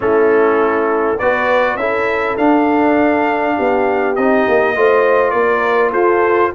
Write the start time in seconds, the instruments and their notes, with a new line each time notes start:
0.00 tuba A3, trombone C#4, horn E4, trumpet A4
1.18 tuba B3, trombone F#4, horn B4, trumpet D5
1.76 tuba C#4, trombone E4, horn A4, trumpet E5
2.37 tuba D4, trombone D4, trumpet F5
3.56 tuba B3, horn G4
4.15 tuba C4, trombone D#4, trumpet D#5
4.47 tuba A#3
4.75 tuba A3, trombone F4, horn C5
5.30 tuba A#3, horn A#4, trumpet D5
5.91 tuba F4, horn A4, trumpet C5